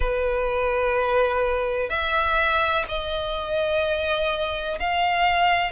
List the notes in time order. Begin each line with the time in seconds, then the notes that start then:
0.00 B4
1.89 E5
2.88 D#5
4.79 F5